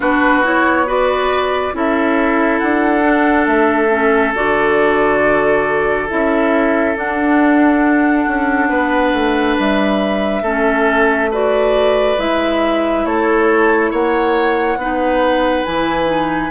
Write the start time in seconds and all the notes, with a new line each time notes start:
0.00 B3 D4 F#4 B4
0.43 E4 C#5
0.86 F#4 B4 D5
1.72 C#4 E4 A4 E5
2.59 D4 F#5
3.02 D4
3.46 A3 E5
3.89 C#4
4.34 D3 F#4 D5
6.08 C#4 E4 E5
6.95 D4 F#5
8.27 C#4
8.69 B3 B4
9.12 A3
9.58 G3 E5
10.41 A3 C#4 A4
11.31 F#4 B4 D5
12.17 G#3 E4 E5
13.05 A3 A4 C#5
13.90 A#3 C#5 F#5
14.76 B3 D#4 B4
15.65 E3 E4 G#5
16.05 D#4